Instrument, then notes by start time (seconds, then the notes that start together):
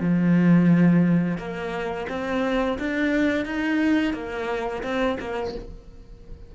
cello
0.00 F3
1.37 A#3
2.09 C4
2.78 D4
3.45 D#4
4.13 A#3
4.83 C4
5.20 A#3